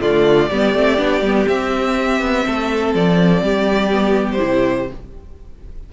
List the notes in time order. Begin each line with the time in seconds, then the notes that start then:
0.00 D3 A3 F4 D5
0.49 G3 B3 G4
0.73 A3 C4
0.97 B3 D4
1.21 G3 B3
1.47 C4 E5
2.20 B3
2.46 A3 A4
2.94 F3 D5
3.42 G3 G4
3.91 B3
4.31 C5
4.37 C3 E4